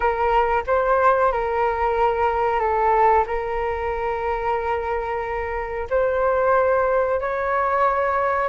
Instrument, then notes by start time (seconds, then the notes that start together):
flute
0.00 A#4
0.66 C5
1.32 A#4
2.59 A4
3.26 A#4
5.90 C5
7.20 C#5